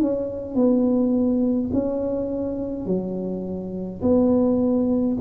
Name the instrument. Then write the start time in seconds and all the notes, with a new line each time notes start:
tuba
0.00 C#4
0.55 B3
1.73 C#4
2.86 F#3
4.02 B3